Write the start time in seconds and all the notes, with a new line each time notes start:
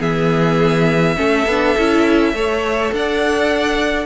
0.00 E3 B3 G#4 E5
1.16 A3 C#4 A4
1.46 B3 D4
1.78 C#4 E4
2.33 A3 A4 C#5
2.93 D4 D5 F#5